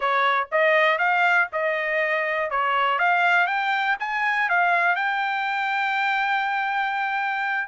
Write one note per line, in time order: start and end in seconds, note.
0.00 0.47 C#5
0.51 0.98 D#5
0.98 1.47 F5
1.52 2.50 D#5
2.50 2.98 C#5
2.98 3.46 F5
3.46 3.96 G5
3.99 4.49 G#5
4.49 4.95 F5
4.95 7.68 G5